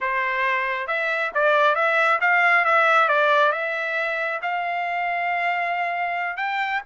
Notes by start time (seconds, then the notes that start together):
0.01 C5
0.87 E5
1.34 D5
1.75 E5
2.20 F5
2.64 E5
3.08 D5
3.52 E5
4.41 F5
6.36 G5